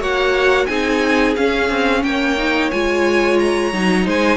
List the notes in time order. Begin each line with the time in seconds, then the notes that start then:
0.00 A#3 F#4 C#5 F#5
0.66 C4 D#4 G#4 G#5
1.36 C#4 F5
1.70 C4
2.03 A#3 C#5 G5
2.37 D#4
2.71 G#3 F4 G#5
3.39 A#5
3.73 F#3 D#4
4.05 G#3 C5 G#5